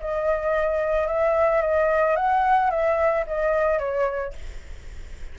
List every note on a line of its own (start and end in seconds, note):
0.00 1.07 D#5
1.07 1.61 E5
1.61 2.16 D#5
2.16 2.70 F#5
2.70 3.25 E5
3.27 3.79 D#5
3.79 4.33 C#5